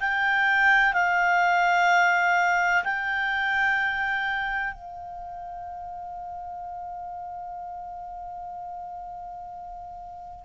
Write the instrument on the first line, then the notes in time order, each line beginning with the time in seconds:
clarinet
0.00 G5
0.93 F5
2.84 G5
4.74 F5